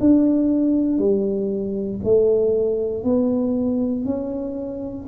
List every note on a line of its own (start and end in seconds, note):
0.00 0.98 D4
0.98 2.00 G3
2.04 3.04 A3
3.04 4.05 B3
4.05 5.07 C#4